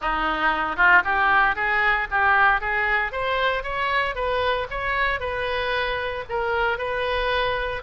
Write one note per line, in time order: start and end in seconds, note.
0.01 0.76 D#4
0.76 1.02 F4
1.04 1.55 G4
1.55 2.07 G#4
2.10 2.60 G4
2.60 3.11 G#4
3.11 3.63 C5
3.63 4.15 C#5
4.15 4.67 B4
4.70 5.20 C#5
5.20 6.24 B4
6.29 6.78 A#4
6.78 7.82 B4